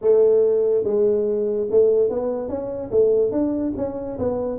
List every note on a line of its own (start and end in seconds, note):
0.01 0.84 A3
0.84 1.67 G#3
1.70 2.09 A3
2.09 2.48 B3
2.48 2.90 C#4
2.91 3.31 A3
3.31 3.73 D4
3.77 4.18 C#4
4.18 4.58 B3